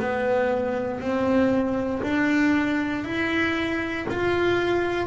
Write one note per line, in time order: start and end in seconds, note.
0.00 1.00 B3
1.00 2.02 C4
2.03 3.05 D4
3.05 4.06 E4
4.10 5.07 F4